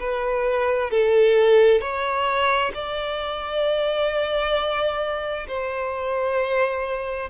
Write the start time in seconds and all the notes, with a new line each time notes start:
0.00 B4
0.91 A4
1.81 C#5
2.75 D5
5.48 C5